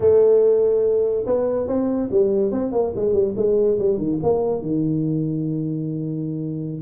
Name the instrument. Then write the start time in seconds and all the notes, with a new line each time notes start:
tuba
0.00 A3
1.26 B3
1.67 C4
2.11 G3
2.51 C4
2.72 A#3
2.95 G#3
3.13 G3
3.36 G#3
3.78 G3
3.97 D#3
4.22 A#3
4.61 D#3